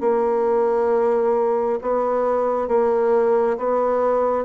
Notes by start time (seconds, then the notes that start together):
0.00 A#3
1.81 B3
2.67 A#3
3.57 B3